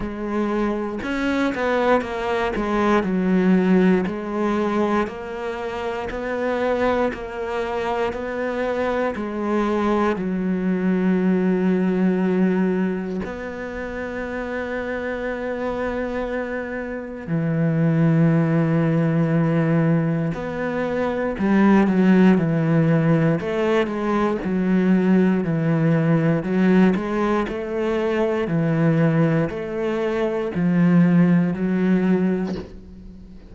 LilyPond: \new Staff \with { instrumentName = "cello" } { \time 4/4 \tempo 4 = 59 gis4 cis'8 b8 ais8 gis8 fis4 | gis4 ais4 b4 ais4 | b4 gis4 fis2~ | fis4 b2.~ |
b4 e2. | b4 g8 fis8 e4 a8 gis8 | fis4 e4 fis8 gis8 a4 | e4 a4 f4 fis4 | }